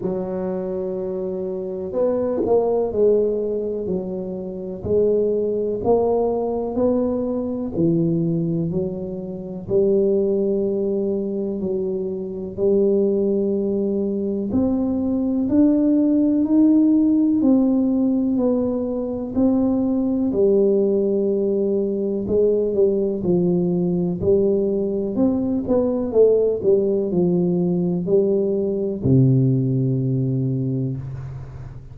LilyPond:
\new Staff \with { instrumentName = "tuba" } { \time 4/4 \tempo 4 = 62 fis2 b8 ais8 gis4 | fis4 gis4 ais4 b4 | e4 fis4 g2 | fis4 g2 c'4 |
d'4 dis'4 c'4 b4 | c'4 g2 gis8 g8 | f4 g4 c'8 b8 a8 g8 | f4 g4 c2 | }